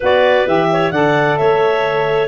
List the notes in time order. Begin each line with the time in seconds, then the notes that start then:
0.00 B3 F#4 B4 D5
0.46 E3 G4 E5
0.72 C#5
0.91 D3 A4 D5 F#5
1.37 A3 C#5 E5